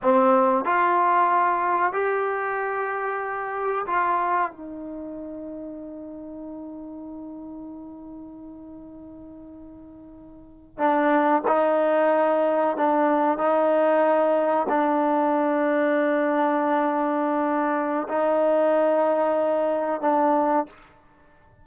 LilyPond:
\new Staff \with { instrumentName = "trombone" } { \time 4/4 \tempo 4 = 93 c'4 f'2 g'4~ | g'2 f'4 dis'4~ | dis'1~ | dis'1~ |
dis'8. d'4 dis'2 d'16~ | d'8. dis'2 d'4~ d'16~ | d'1 | dis'2. d'4 | }